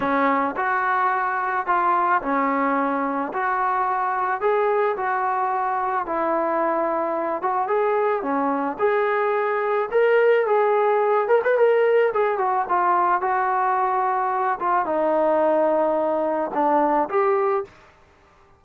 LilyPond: \new Staff \with { instrumentName = "trombone" } { \time 4/4 \tempo 4 = 109 cis'4 fis'2 f'4 | cis'2 fis'2 | gis'4 fis'2 e'4~ | e'4. fis'8 gis'4 cis'4 |
gis'2 ais'4 gis'4~ | gis'8 ais'16 b'16 ais'4 gis'8 fis'8 f'4 | fis'2~ fis'8 f'8 dis'4~ | dis'2 d'4 g'4 | }